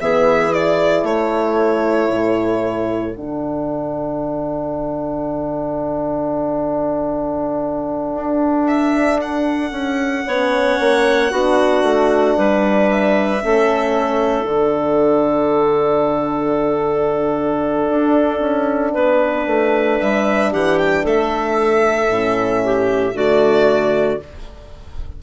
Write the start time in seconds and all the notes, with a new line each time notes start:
0.00 E3 B3 G#4 E5
0.51 E4 D5
1.03 A3 A4 C#5
2.10 A2
3.15 D3 D4 F#5
8.14 D4
8.67 E5
9.21 F#5
9.71 C#4
10.26 B3 C#4 C#5
10.79 A#3
11.31 B3 D4 F#4
11.82 A3
12.37 G3 B4
12.91 E5
13.40 A3 C#4 A4
14.44 D3 D4 F#5
17.89 D4
18.40 C#4
18.93 B3 B4
19.46 A3
20.00 G3 E5
20.52 E3 G4 F#5
20.78 G5
21.03 A3 A4 E5
22.08 A2 C#4
22.64 G4
23.13 D3 A3 F#4 D5